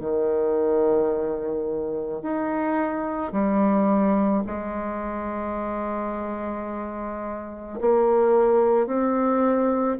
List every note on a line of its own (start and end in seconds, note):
0.00 2.22 D#3
2.22 3.32 D#4
3.32 4.43 G3
4.46 7.80 G#3
7.80 8.86 A#3
8.86 9.97 C4